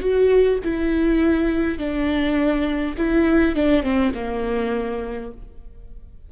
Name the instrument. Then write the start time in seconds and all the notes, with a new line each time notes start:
viola
0.00 F#4
0.64 E4
1.78 D4
2.97 E4
3.55 D4
3.83 C4
4.14 A#3